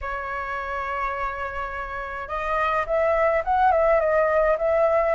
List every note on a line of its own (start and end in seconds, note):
0.01 2.28 C#5
2.28 2.85 D#5
2.86 3.43 E5
3.44 3.71 F#5
3.71 4.00 E5
4.00 4.57 D#5
4.57 5.15 E5